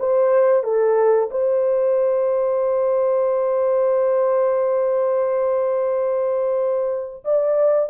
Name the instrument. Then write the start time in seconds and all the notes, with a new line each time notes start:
horn
0.00 C5
0.64 A4
1.31 C5
7.25 D5